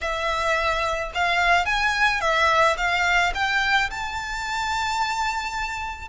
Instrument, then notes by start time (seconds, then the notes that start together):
violin
0.01 E5
1.14 F5
1.65 G#5
2.20 E5
2.77 F5
3.34 G5
3.90 A5